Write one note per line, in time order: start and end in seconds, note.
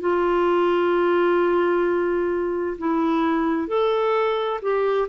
0.00 2.77 F4
2.78 3.68 E4
3.68 4.60 A4
4.62 5.08 G4